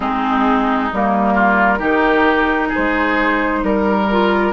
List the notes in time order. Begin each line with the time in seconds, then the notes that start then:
0.00 G#3 C4 D#4 G#4
0.92 G3 A#3 A#4
1.34 F4
1.78 D#3 D#4 G4
2.68 G#4
2.74 G#3 C5
3.63 G3 A#4
4.11 F4